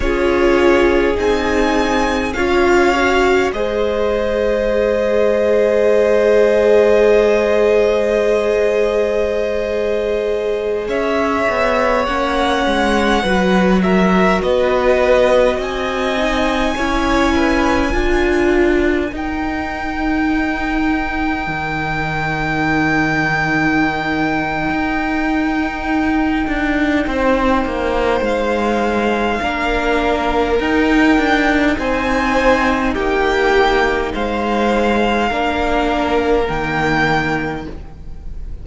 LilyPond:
<<
  \new Staff \with { instrumentName = "violin" } { \time 4/4 \tempo 4 = 51 cis''4 gis''4 f''4 dis''4~ | dis''1~ | dis''4~ dis''16 e''4 fis''4. e''16~ | e''16 dis''4 gis''2~ gis''8.~ |
gis''16 g''2.~ g''8.~ | g''1 | f''2 g''4 gis''4 | g''4 f''2 g''4 | }
  \new Staff \with { instrumentName = "violin" } { \time 4/4 gis'2 cis''4 c''4~ | c''1~ | c''4~ c''16 cis''2 b'8 ais'16~ | ais'16 b'4 dis''4 cis''8 b'8 ais'8.~ |
ais'1~ | ais'2. c''4~ | c''4 ais'2 c''4 | g'4 c''4 ais'2 | }
  \new Staff \with { instrumentName = "viola" } { \time 4/4 f'4 dis'4 f'8 fis'8 gis'4~ | gis'1~ | gis'2~ gis'16 cis'4 fis'8.~ | fis'4.~ fis'16 dis'8 e'4 f'8.~ |
f'16 dis'2.~ dis'8.~ | dis'1~ | dis'4 d'4 dis'2~ | dis'2 d'4 ais4 | }
  \new Staff \with { instrumentName = "cello" } { \time 4/4 cis'4 c'4 cis'4 gis4~ | gis1~ | gis4~ gis16 cis'8 b8 ais8 gis8 fis8.~ | fis16 b4 c'4 cis'4 d'8.~ |
d'16 dis'2 dis4.~ dis16~ | dis4 dis'4. d'8 c'8 ais8 | gis4 ais4 dis'8 d'8 c'4 | ais4 gis4 ais4 dis4 | }
>>